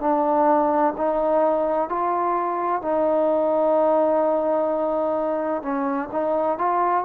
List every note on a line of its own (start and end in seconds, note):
0.00 0.94 D4
0.97 1.89 D#4
1.89 2.82 F4
2.82 5.62 D#4
5.62 6.09 C#4
6.12 6.58 D#4
6.58 7.04 F4